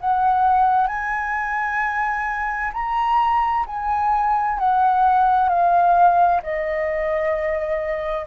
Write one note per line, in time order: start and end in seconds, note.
0.00 0.87 F#5
0.87 2.72 G#5
2.73 3.65 A#5
3.66 4.59 G#5
4.59 5.49 F#5
5.49 6.41 F5
6.43 8.26 D#5